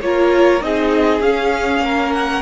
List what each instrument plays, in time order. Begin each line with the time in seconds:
0.00 cello A#3, viola F4, violin A#4 C#5
0.61 cello C4, viola D#4, violin G#4 D#5
1.20 cello C#4, viola C#4, violin F5
1.79 cello A#3, violin A#4
2.13 violin F#5